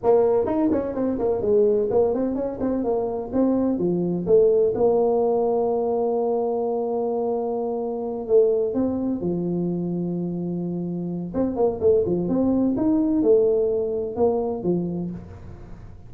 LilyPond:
\new Staff \with { instrumentName = "tuba" } { \time 4/4 \tempo 4 = 127 ais4 dis'8 cis'8 c'8 ais8 gis4 | ais8 c'8 cis'8 c'8 ais4 c'4 | f4 a4 ais2~ | ais1~ |
ais4. a4 c'4 f8~ | f1 | c'8 ais8 a8 f8 c'4 dis'4 | a2 ais4 f4 | }